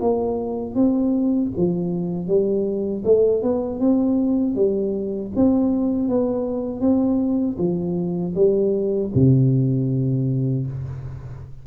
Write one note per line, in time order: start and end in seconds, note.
0.00 0.75 A#3
0.75 1.51 C4
1.57 2.27 F3
2.27 3.03 G3
3.04 3.42 A3
3.42 3.80 B3
3.80 4.55 C4
4.55 5.31 G3
5.36 6.09 C4
6.09 6.80 B3
6.80 7.56 C4
7.58 8.34 F3
8.35 9.11 G3
9.14 10.66 C3